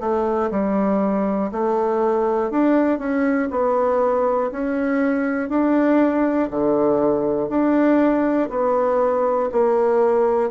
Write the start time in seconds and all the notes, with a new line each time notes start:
0.00 A3
0.50 G3
1.51 A3
2.50 D4
2.98 C#4
3.50 B3
4.51 C#4
5.49 D4
6.50 D3
7.49 D4
8.49 B3
9.51 A#3